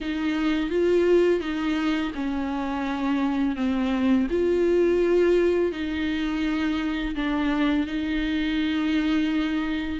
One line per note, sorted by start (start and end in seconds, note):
0.01 0.69 D#4
0.69 1.40 F4
1.40 2.11 D#4
2.14 3.56 C#4
3.56 4.27 C4
4.30 5.72 F4
5.72 7.15 D#4
7.15 7.86 D4
7.86 9.99 D#4